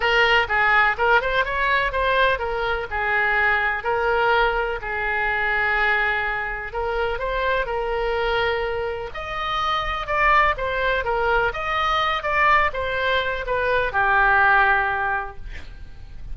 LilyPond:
\new Staff \with { instrumentName = "oboe" } { \time 4/4 \tempo 4 = 125 ais'4 gis'4 ais'8 c''8 cis''4 | c''4 ais'4 gis'2 | ais'2 gis'2~ | gis'2 ais'4 c''4 |
ais'2. dis''4~ | dis''4 d''4 c''4 ais'4 | dis''4. d''4 c''4. | b'4 g'2. | }